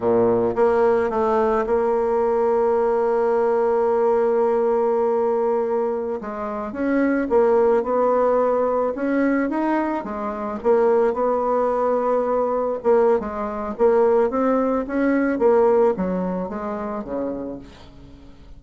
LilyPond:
\new Staff \with { instrumentName = "bassoon" } { \time 4/4 \tempo 4 = 109 ais,4 ais4 a4 ais4~ | ais1~ | ais2.~ ais16 gis8.~ | gis16 cis'4 ais4 b4.~ b16~ |
b16 cis'4 dis'4 gis4 ais8.~ | ais16 b2. ais8. | gis4 ais4 c'4 cis'4 | ais4 fis4 gis4 cis4 | }